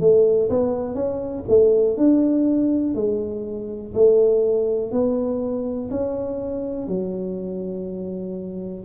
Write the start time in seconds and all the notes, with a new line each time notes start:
0.00 A3
0.49 B3
0.94 C#4
1.48 A3
1.97 D4
2.95 G#3
3.93 A3
4.91 B3
5.90 C#4
6.88 F#3